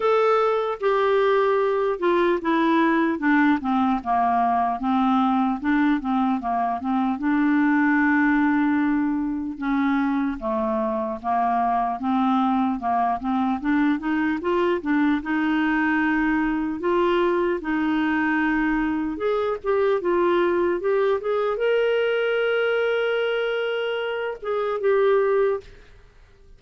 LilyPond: \new Staff \with { instrumentName = "clarinet" } { \time 4/4 \tempo 4 = 75 a'4 g'4. f'8 e'4 | d'8 c'8 ais4 c'4 d'8 c'8 | ais8 c'8 d'2. | cis'4 a4 ais4 c'4 |
ais8 c'8 d'8 dis'8 f'8 d'8 dis'4~ | dis'4 f'4 dis'2 | gis'8 g'8 f'4 g'8 gis'8 ais'4~ | ais'2~ ais'8 gis'8 g'4 | }